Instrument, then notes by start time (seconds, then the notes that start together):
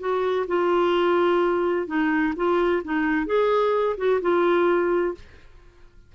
clarinet
0.00 F#4
0.48 F4
1.87 D#4
2.36 F4
2.84 D#4
3.26 G#4
3.97 F#4
4.22 F4